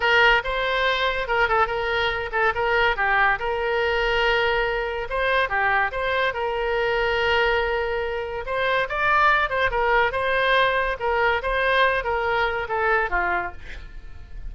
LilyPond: \new Staff \with { instrumentName = "oboe" } { \time 4/4 \tempo 4 = 142 ais'4 c''2 ais'8 a'8 | ais'4. a'8 ais'4 g'4 | ais'1 | c''4 g'4 c''4 ais'4~ |
ais'1 | c''4 d''4. c''8 ais'4 | c''2 ais'4 c''4~ | c''8 ais'4. a'4 f'4 | }